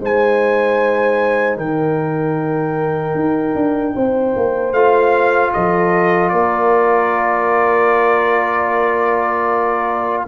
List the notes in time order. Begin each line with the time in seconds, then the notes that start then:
0.00 G#3 D#4 C5 G#5
1.57 D#3 A#4 G5
3.15 D#4
3.55 D4
3.96 C4 C5
4.36 A#3
4.72 A3 F4 F5
5.53 F3 A4 D#5
6.29 A#3 A#4 D5